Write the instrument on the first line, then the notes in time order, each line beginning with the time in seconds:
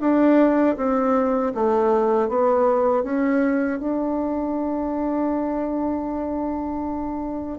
bassoon
0.00 D4
0.77 C4
1.54 A3
2.29 B3
3.03 C#4
3.79 D4